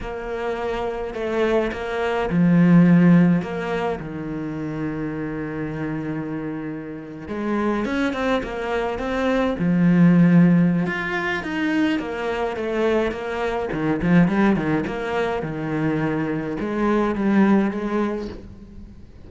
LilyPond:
\new Staff \with { instrumentName = "cello" } { \time 4/4 \tempo 4 = 105 ais2 a4 ais4 | f2 ais4 dis4~ | dis1~ | dis8. gis4 cis'8 c'8 ais4 c'16~ |
c'8. f2~ f16 f'4 | dis'4 ais4 a4 ais4 | dis8 f8 g8 dis8 ais4 dis4~ | dis4 gis4 g4 gis4 | }